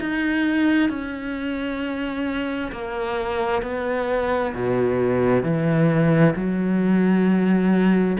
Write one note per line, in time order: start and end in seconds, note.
0.00 0.90 D#4
0.90 2.71 C#4
2.72 3.62 A#3
3.62 4.53 B3
4.54 5.43 B2
5.43 6.34 E3
6.36 8.17 F#3